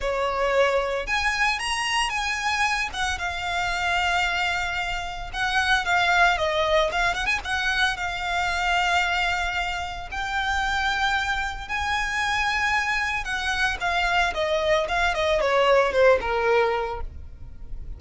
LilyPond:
\new Staff \with { instrumentName = "violin" } { \time 4/4 \tempo 4 = 113 cis''2 gis''4 ais''4 | gis''4. fis''8 f''2~ | f''2 fis''4 f''4 | dis''4 f''8 fis''16 gis''16 fis''4 f''4~ |
f''2. g''4~ | g''2 gis''2~ | gis''4 fis''4 f''4 dis''4 | f''8 dis''8 cis''4 c''8 ais'4. | }